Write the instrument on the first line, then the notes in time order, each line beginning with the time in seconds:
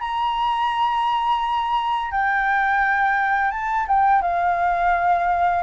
flute
0.00 A#5
2.11 G5
3.51 A5
3.87 G5
4.22 F5